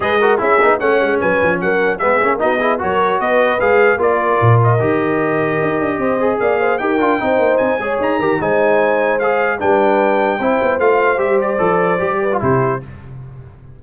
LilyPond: <<
  \new Staff \with { instrumentName = "trumpet" } { \time 4/4 \tempo 4 = 150 dis''4 e''4 fis''4 gis''4 | fis''4 e''4 dis''4 cis''4 | dis''4 f''4 d''4. dis''8~ | dis''1 |
f''4 g''2 gis''4 | ais''4 gis''2 f''4 | g''2. f''4 | e''8 d''2~ d''8 c''4 | }
  \new Staff \with { instrumentName = "horn" } { \time 4/4 b'8 ais'8 gis'4 cis''4 b'4 | ais'4 gis'4 fis'8 gis'8 ais'4 | b'2 ais'2~ | ais'2. c''4 |
d''8 c''8 ais'4 c''4. cis''8~ | cis''8 ais'8 c''2. | b'2 c''2~ | c''2~ c''8 b'8 g'4 | }
  \new Staff \with { instrumentName = "trombone" } { \time 4/4 gis'8 fis'8 e'8 dis'8 cis'2~ | cis'4 b8 cis'8 dis'8 e'8 fis'4~ | fis'4 gis'4 f'2 | g'2.~ g'8 gis'8~ |
gis'4 g'8 f'8 dis'4. gis'8~ | gis'8 g'8 dis'2 gis'4 | d'2 e'4 f'4 | g'4 a'4 g'8. f'16 e'4 | }
  \new Staff \with { instrumentName = "tuba" } { \time 4/4 gis4 cis'8 b8 a8 gis8 fis8 f8 | fis4 gis8 ais8 b4 fis4 | b4 gis4 ais4 ais,4 | dis2 dis'8 d'8 c'4 |
ais4 dis'8 d'8 c'8 ais8 c'8 gis8 | dis'8 dis8 gis2. | g2 c'8 b8 a4 | g4 f4 g4 c4 | }
>>